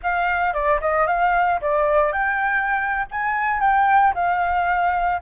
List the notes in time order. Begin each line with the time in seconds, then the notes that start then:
0.02 F5
0.53 D5
0.80 D#5
1.06 F5
1.61 D5
2.12 G5
3.11 G#5
3.60 G5
4.14 F5